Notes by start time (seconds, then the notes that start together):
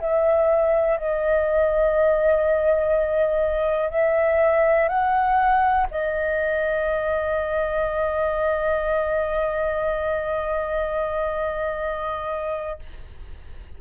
0.00 E5
0.97 D#5
3.90 E5
4.89 F#5
5.91 D#5